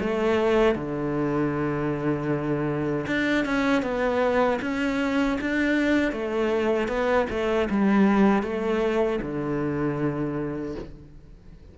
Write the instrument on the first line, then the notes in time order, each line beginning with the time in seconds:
cello
0.00 A3
0.75 D3
3.07 D4
3.45 C#4
3.82 B3
4.62 C#4
5.41 D4
6.12 A3
6.88 B3
7.30 A3
7.70 G3
8.43 A3
9.21 D3